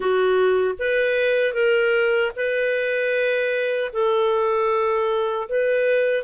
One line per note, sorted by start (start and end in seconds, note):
0.00 0.74 F#4
0.78 1.53 B4
1.53 2.31 A#4
2.36 3.91 B4
3.92 5.48 A4
5.48 6.23 B4